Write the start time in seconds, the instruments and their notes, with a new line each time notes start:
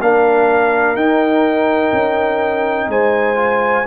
0.00 tuba A#3, trombone D4, horn A#4, trumpet F5
0.95 tuba D#4, trombone D#4, trumpet G5
1.92 tuba C#4
2.88 tuba G#3, horn C5, trumpet G#5
3.35 trombone F4